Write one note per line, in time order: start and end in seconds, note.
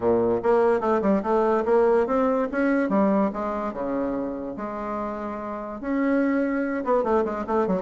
0.00 0.40 A#2
0.43 0.80 A#3
0.80 1.01 A3
1.01 1.22 G3
1.22 1.64 A3
1.65 2.06 A#3
2.06 2.48 C4
2.51 2.89 C#4
2.89 3.30 G3
3.33 3.73 G#3
3.73 4.56 C#3
4.56 5.80 G#3
5.80 6.84 C#4
6.84 7.03 B3
7.03 7.24 A3
7.24 7.45 G#3
7.47 7.67 A3
7.67 7.82 F#3